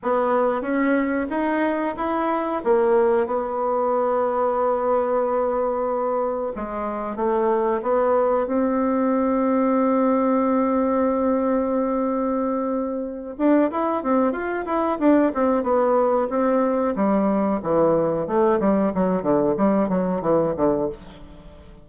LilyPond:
\new Staff \with { instrumentName = "bassoon" } { \time 4/4 \tempo 4 = 92 b4 cis'4 dis'4 e'4 | ais4 b2.~ | b2 gis4 a4 | b4 c'2.~ |
c'1~ | c'8 d'8 e'8 c'8 f'8 e'8 d'8 c'8 | b4 c'4 g4 e4 | a8 g8 fis8 d8 g8 fis8 e8 d8 | }